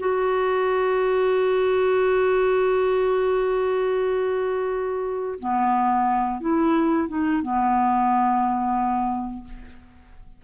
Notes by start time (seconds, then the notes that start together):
0.00 F#4
5.40 B3
6.41 E4
7.09 D#4
7.42 B3